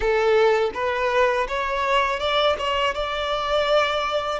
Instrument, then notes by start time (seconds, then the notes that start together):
violin
0.00 A4
0.74 B4
1.48 C#5
2.19 D5
2.58 C#5
2.94 D5